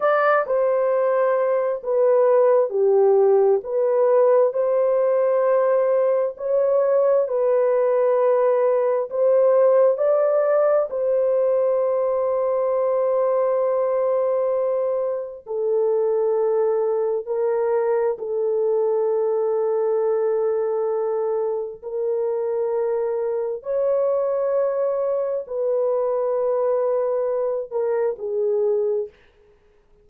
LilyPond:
\new Staff \with { instrumentName = "horn" } { \time 4/4 \tempo 4 = 66 d''8 c''4. b'4 g'4 | b'4 c''2 cis''4 | b'2 c''4 d''4 | c''1~ |
c''4 a'2 ais'4 | a'1 | ais'2 cis''2 | b'2~ b'8 ais'8 gis'4 | }